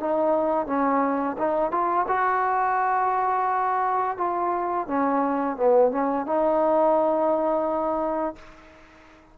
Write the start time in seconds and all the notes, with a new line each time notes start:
0.00 D#4
0.67 C#4
1.38 D#4
1.72 F4
2.08 F#4
4.18 F4
4.88 C#4
5.57 B3
5.92 C#4
6.26 D#4